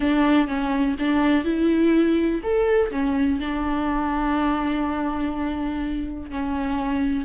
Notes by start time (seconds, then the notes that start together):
0.00 D4
0.47 C#4
0.99 D4
1.44 E4
2.43 A4
2.91 C#4
3.39 D4
6.30 C#4